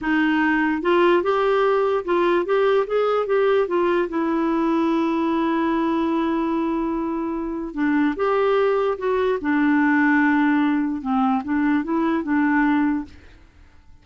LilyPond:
\new Staff \with { instrumentName = "clarinet" } { \time 4/4 \tempo 4 = 147 dis'2 f'4 g'4~ | g'4 f'4 g'4 gis'4 | g'4 f'4 e'2~ | e'1~ |
e'2. d'4 | g'2 fis'4 d'4~ | d'2. c'4 | d'4 e'4 d'2 | }